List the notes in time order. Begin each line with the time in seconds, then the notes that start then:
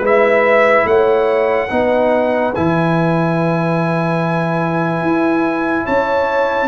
0.00 G#3 E4 B4 E5
0.84 A3 C#5 F#5
1.69 B3 D#4 B4
2.54 E3 E4 G#5
5.02 E4
5.85 C#4 C#5 A5